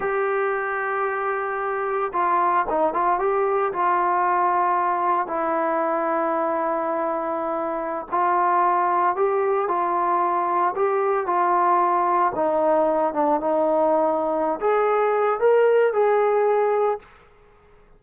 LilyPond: \new Staff \with { instrumentName = "trombone" } { \time 4/4 \tempo 4 = 113 g'1 | f'4 dis'8 f'8 g'4 f'4~ | f'2 e'2~ | e'2.~ e'16 f'8.~ |
f'4~ f'16 g'4 f'4.~ f'16~ | f'16 g'4 f'2 dis'8.~ | dis'8. d'8 dis'2~ dis'16 gis'8~ | gis'4 ais'4 gis'2 | }